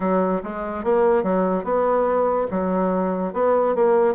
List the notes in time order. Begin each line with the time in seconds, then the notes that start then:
0.00 F#3
0.43 G#3
0.84 A#3
1.23 F#3
1.64 B3
2.50 F#3
3.33 B3
3.75 A#3